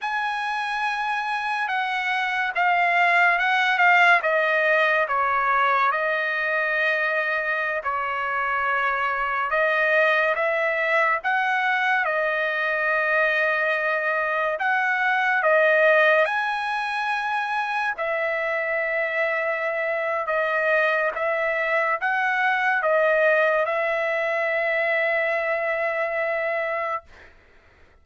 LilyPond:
\new Staff \with { instrumentName = "trumpet" } { \time 4/4 \tempo 4 = 71 gis''2 fis''4 f''4 | fis''8 f''8 dis''4 cis''4 dis''4~ | dis''4~ dis''16 cis''2 dis''8.~ | dis''16 e''4 fis''4 dis''4.~ dis''16~ |
dis''4~ dis''16 fis''4 dis''4 gis''8.~ | gis''4~ gis''16 e''2~ e''8. | dis''4 e''4 fis''4 dis''4 | e''1 | }